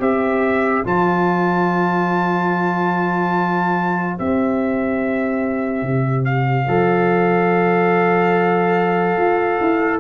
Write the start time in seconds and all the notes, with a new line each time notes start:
0.00 C4 G4 C5 E5
0.85 F3 F4 A5
4.19 C4 G4 E5
5.83 C3
6.25 F5
6.68 F3 A4
9.18 F4
9.61 E4